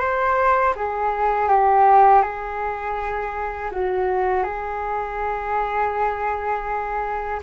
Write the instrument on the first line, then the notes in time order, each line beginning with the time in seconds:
flute
0.00 C5
0.76 G#4
1.49 G4
2.23 G#4
3.72 F#4
4.44 G#4